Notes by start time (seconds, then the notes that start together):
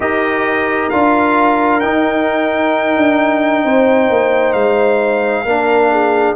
0.00 D#4 G4 A#4 D#5
0.89 D4 F4 F5
1.80 D#4 G5
2.96 D4
3.64 C4 C5
4.09 A#3
4.52 G#3 F5
5.45 A#3 D4 A#4
5.91 G#4